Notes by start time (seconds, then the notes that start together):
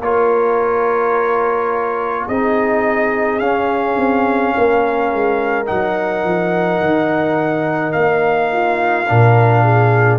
0.00 A#3 F4 A#4 C#5
2.27 C4 D#4 G#4 D#5
3.39 C#4 F5
3.97 C4
4.57 A#3 A#4
5.13 G#3
5.66 F#3 D#4 F#5
6.24 F3
6.81 D#3
7.92 A#3 F5
8.52 F4
9.07 A#2 D4 A#4
9.63 G#4